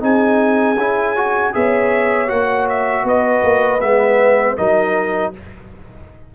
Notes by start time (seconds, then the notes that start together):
0.00 C4 D#4 G#4 G#5
0.76 C#4 E4
1.16 F#4
1.53 B3 G#4 C#5 E5
2.28 A#3 F#4 F#5
2.69 E5
3.03 B3 B4 D#5
3.43 A#3
3.81 G#3 B3 E5
4.57 F#3 D#4 A#4 D#5